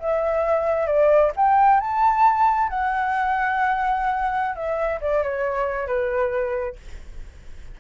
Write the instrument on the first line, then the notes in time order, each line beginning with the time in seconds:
flute
0.00 E5
0.87 D5
1.36 G5
1.80 A5
2.69 F#5
4.56 E5
5.01 D5
5.24 C#5
5.87 B4